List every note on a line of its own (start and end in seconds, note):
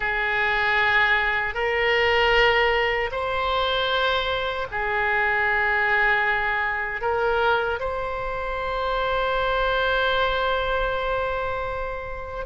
0.00 1.54 G#4
1.54 3.10 A#4
3.11 4.67 C5
4.71 7.01 G#4
7.01 7.79 A#4
7.79 12.46 C5